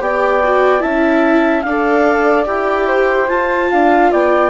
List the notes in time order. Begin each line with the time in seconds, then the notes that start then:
0.00 B3 G4 D5 G5
0.44 F#4
0.80 C#4 E4 E5 A5
1.61 D4 D5 F5
1.69 A4
2.45 E4 G4 G5
2.87 C5
3.28 F4 A5
3.70 D4 F5
4.11 B3 D5 G5